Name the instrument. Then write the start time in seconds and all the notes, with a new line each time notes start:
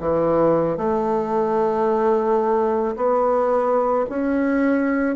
bassoon
0.00 E3
0.77 A3
2.96 B3
4.09 C#4